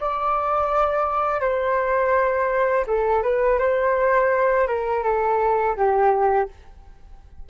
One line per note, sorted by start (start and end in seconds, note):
0.00 1.41 D5
1.41 2.85 C5
2.87 3.23 A4
3.23 3.59 B4
3.59 4.67 C5
4.67 5.03 A#4
5.03 5.76 A4
5.76 6.48 G4